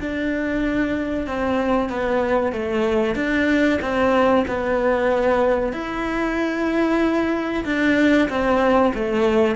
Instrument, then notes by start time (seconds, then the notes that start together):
cello
0.00 D4
1.26 C4
1.89 B3
2.52 A3
3.15 D4
3.81 C4
4.47 B3
5.72 E4
7.65 D4
8.29 C4
8.94 A3